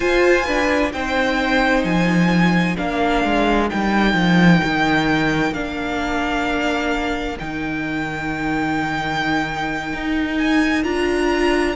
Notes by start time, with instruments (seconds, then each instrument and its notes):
0.00 viola F4, cello F4, violin C5 G#5
0.45 viola D4, violin B4
0.92 cello C4, viola D#4, violin C5 G5
1.83 cello F3, violin G#5
2.76 cello A#3, viola D4, violin A#4 F5
3.24 cello G#3
3.69 cello G3, viola D#4, violin G5
4.13 cello F3
4.63 cello D#3
5.51 cello A#3, viola D4, violin F5
7.39 cello D#3, viola D#4, violin G5
9.93 cello D#4
10.37 violin G#5
10.83 cello D4, viola F4, violin A#5